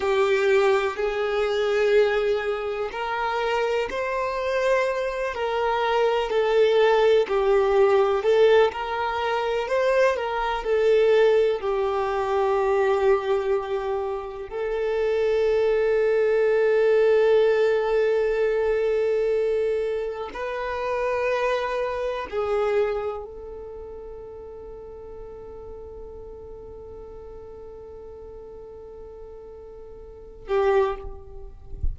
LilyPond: \new Staff \with { instrumentName = "violin" } { \time 4/4 \tempo 4 = 62 g'4 gis'2 ais'4 | c''4. ais'4 a'4 g'8~ | g'8 a'8 ais'4 c''8 ais'8 a'4 | g'2. a'4~ |
a'1~ | a'4 b'2 gis'4 | a'1~ | a'2.~ a'8 g'8 | }